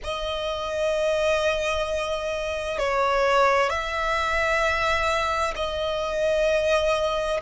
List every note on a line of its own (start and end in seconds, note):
0.03 2.78 D#5
2.78 3.69 C#5
3.69 5.54 E5
5.55 7.40 D#5